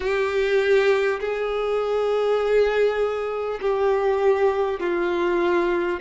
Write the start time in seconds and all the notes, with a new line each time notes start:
0.00 G4
1.20 G#4
3.61 G4
4.79 F4